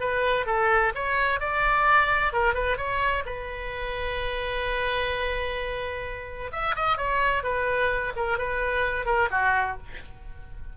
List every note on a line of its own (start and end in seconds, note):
0.00 0.46 B4
0.46 0.93 A4
0.95 1.40 C#5
1.40 2.33 D5
2.33 2.54 A#4
2.54 2.77 B4
2.77 3.24 C#5
3.26 6.51 B4
6.52 6.75 E5
6.76 6.97 D#5
6.97 7.43 C#5
7.43 8.13 B4
8.16 8.38 A#4
8.38 9.06 B4
9.06 9.29 A#4
9.31 9.77 F#4